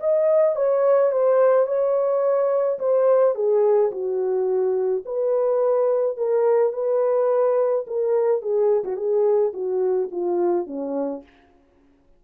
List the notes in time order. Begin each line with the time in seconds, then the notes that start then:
0.00 D#5
0.56 C#5
1.12 C5
1.66 C#5
2.79 C5
3.35 G#4
3.92 F#4
5.05 B4
6.17 A#4
6.73 B4
7.87 A#4
8.42 G#4
8.84 F#4
8.97 G#4
9.53 F#4
10.11 F4
10.67 C#4